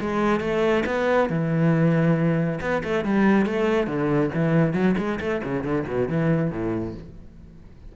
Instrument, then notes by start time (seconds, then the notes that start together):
cello
0.00 G#3
0.40 A3
0.85 B3
1.29 E3
2.60 B3
2.83 A3
3.04 G3
3.45 A3
3.87 D3
4.34 E3
4.73 F#3
4.97 G#3
5.20 A3
5.43 C#3
5.64 D3
5.86 B2
6.08 E3
6.50 A2